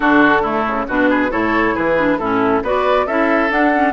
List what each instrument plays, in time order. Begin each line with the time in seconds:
0.00 bassoon D3, clarinet D4, oboe F#4, flute A4
0.42 clarinet A3, oboe E4
0.67 bassoon C#3
0.88 bassoon B2, clarinet D4, oboe F#4, flute B4
1.09 oboe G#4
1.30 bassoon A2, clarinet E4, oboe A4, flute C#5
1.74 bassoon E3, oboe G#4, flute B4
1.97 clarinet D4
2.18 bassoon A2, clarinet C#4, oboe E4, flute A4
2.62 bassoon B3, clarinet F#4, oboe B4, flute D5
3.06 bassoon C#4, clarinet E4, oboe A4, flute E5
3.50 clarinet D4, bassoon D4, flute F#5
3.73 clarinet C#4